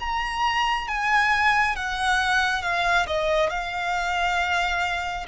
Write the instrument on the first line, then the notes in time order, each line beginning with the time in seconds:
violin
0.00 A#5
0.88 G#5
1.76 F#5
2.62 F5
3.06 D#5
3.50 F5